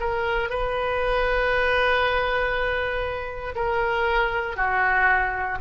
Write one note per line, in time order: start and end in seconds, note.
0.00 0.50 A#4
0.50 3.55 B4
3.55 4.57 A#4
4.57 5.58 F#4